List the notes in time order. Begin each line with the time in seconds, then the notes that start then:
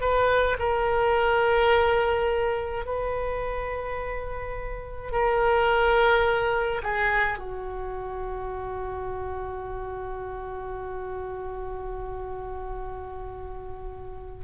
0.00 B4
0.59 A#4
2.85 B4
5.11 A#4
6.83 G#4
7.38 F#4